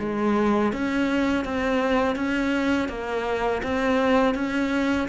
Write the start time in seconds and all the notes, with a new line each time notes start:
0.00 G#3
0.73 C#4
1.45 C4
2.16 C#4
2.89 A#3
3.64 C4
4.35 C#4